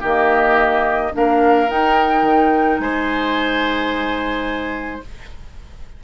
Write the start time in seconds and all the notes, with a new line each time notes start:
0.00 D#3 A#3 G4 D#5
1.12 A#3 D4 A#4 F5
1.67 D#4 G5
2.22 D#3
2.79 G#3 C5 G#5